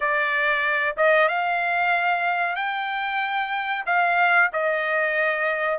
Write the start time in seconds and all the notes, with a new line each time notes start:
0.00 D5
0.96 D#5
1.28 F5
2.55 G5
3.86 F5
4.52 D#5